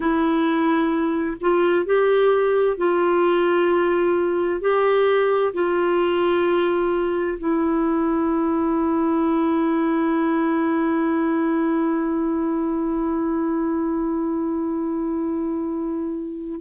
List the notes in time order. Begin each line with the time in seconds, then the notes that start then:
0.00 E4
1.41 F4
1.85 G4
2.77 F4
4.60 G4
5.53 F4
7.38 E4